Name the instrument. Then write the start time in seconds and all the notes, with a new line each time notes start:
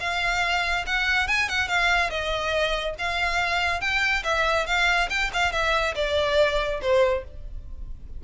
violin
0.00 F5
0.86 F#5
1.28 G#5
1.49 F#5
1.68 F5
2.10 D#5
2.98 F5
3.80 G5
4.24 E5
4.66 F5
5.10 G5
5.33 F5
5.52 E5
5.95 D5
6.81 C5